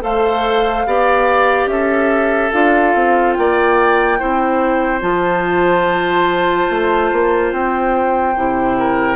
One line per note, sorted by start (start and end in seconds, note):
0.00 0.86 A3
0.00 0.83 A4
0.00 0.86 C5
0.00 1.68 F5
0.86 1.66 B3
0.86 2.52 G4
0.86 1.70 D5
1.66 2.49 C#4
1.66 3.37 A4
1.66 2.51 E5
2.51 2.95 D4
2.51 4.18 F4
2.51 3.33 F5
2.95 3.36 C4
3.33 4.21 A#3
3.33 4.99 G5
3.39 4.19 D5
4.18 5.01 C4
4.18 5.00 E4
4.18 8.77 C5
5.00 6.68 F3
5.00 8.33 F4
5.00 7.51 A5
6.70 7.11 A3
7.12 7.52 A#3
7.52 8.35 C4
7.52 9.16 G5
8.36 9.16 C3
8.36 9.16 E4
8.78 9.16 A#4